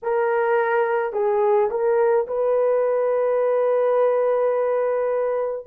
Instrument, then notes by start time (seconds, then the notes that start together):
horn
0.02 A#4
1.13 G#4
1.70 A#4
2.26 B4